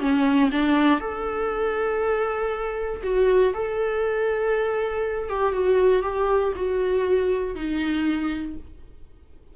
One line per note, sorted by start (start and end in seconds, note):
0.00 0.50 C#4
0.51 1.00 D4
1.00 3.02 A4
3.03 3.53 F#4
3.54 5.29 A4
5.29 5.52 G4
5.52 6.03 F#4
6.03 6.53 G4
6.56 7.55 F#4
7.55 8.56 D#4